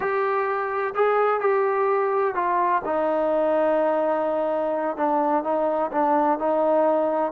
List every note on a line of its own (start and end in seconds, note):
0.00 0.94 G4
0.94 1.40 G#4
1.40 2.34 G4
2.35 2.82 F4
2.84 4.96 D#4
4.96 5.43 D4
5.43 5.91 D#4
5.91 6.38 D4
6.38 7.32 D#4